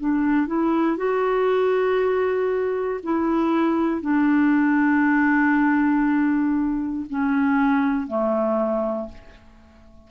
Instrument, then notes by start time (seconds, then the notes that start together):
clarinet
0.00 D4
0.47 E4
0.98 F#4
3.04 E4
4.02 D4
7.10 C#4
8.08 A3